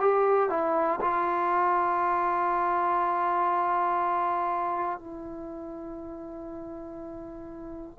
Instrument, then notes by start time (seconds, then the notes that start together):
trombone
0.00 G4
0.50 E4
1.00 F4
4.99 E4